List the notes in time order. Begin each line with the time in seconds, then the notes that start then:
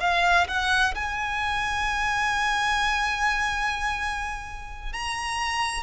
0.00 F5
0.47 F#5
0.95 G#5
4.93 A#5